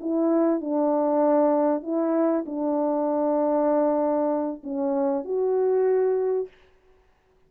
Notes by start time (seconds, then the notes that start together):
0.00 E4
0.60 D4
1.82 E4
2.45 D4
4.63 C#4
5.25 F#4